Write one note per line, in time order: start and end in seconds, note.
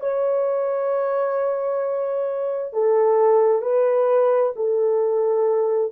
0.00 2.73 C#5
2.73 3.62 A4
3.62 4.52 B4
4.56 5.92 A4